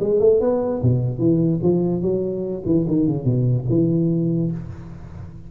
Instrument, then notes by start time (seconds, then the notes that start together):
tuba
0.00 G#3
0.20 A3
0.40 B3
0.82 B2
1.19 E3
1.62 F3
2.02 F#3
2.66 E3
2.88 D#3
3.07 C#3
3.24 B2
3.69 E3